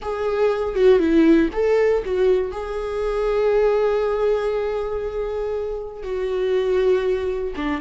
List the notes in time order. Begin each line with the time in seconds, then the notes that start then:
0.02 G#4
0.75 F#4
0.99 E4
1.52 A4
2.04 F#4
2.51 G#4
6.03 F#4
7.56 D4